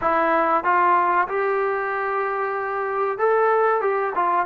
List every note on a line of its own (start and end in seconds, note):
0.01 0.64 E4
0.64 1.27 F4
1.28 3.18 G4
3.18 3.81 A4
3.81 4.13 G4
4.15 4.46 F4